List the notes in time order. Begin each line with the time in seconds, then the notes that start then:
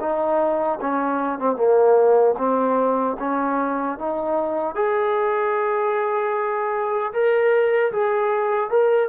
0.00 D#4
0.80 C#4
1.39 C4
1.56 A#3
2.38 C4
3.19 C#4
3.98 D#4
4.75 G#4
7.12 A#4
7.92 G#4
8.70 A#4